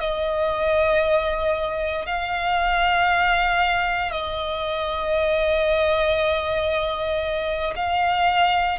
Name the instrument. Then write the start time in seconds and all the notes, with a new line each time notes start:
violin
0.00 D#5
2.06 F5
4.12 D#5
7.76 F5